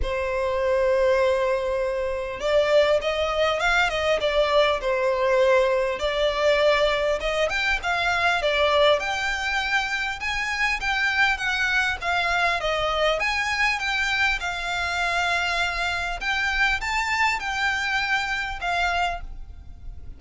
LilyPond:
\new Staff \with { instrumentName = "violin" } { \time 4/4 \tempo 4 = 100 c''1 | d''4 dis''4 f''8 dis''8 d''4 | c''2 d''2 | dis''8 g''8 f''4 d''4 g''4~ |
g''4 gis''4 g''4 fis''4 | f''4 dis''4 gis''4 g''4 | f''2. g''4 | a''4 g''2 f''4 | }